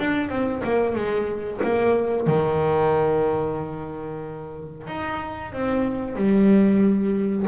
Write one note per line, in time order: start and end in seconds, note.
0.00 0.29 D4
0.29 0.62 C4
0.65 0.96 A#3
0.96 1.61 G#3
1.64 2.27 A#3
2.27 4.88 D#3
4.88 5.53 D#4
5.53 6.16 C4
6.16 7.46 G3